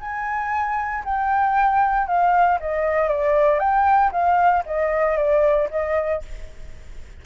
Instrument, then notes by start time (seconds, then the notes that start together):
flute
0.00 G#5
1.04 G5
2.06 F5
2.60 D#5
3.08 D5
3.59 G5
4.11 F5
4.66 D#5
5.17 D5
5.70 D#5